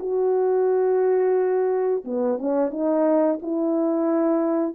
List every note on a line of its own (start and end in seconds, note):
0.00 2.05 F#4
2.05 2.39 B3
2.39 2.71 C#4
2.71 3.39 D#4
3.42 4.75 E4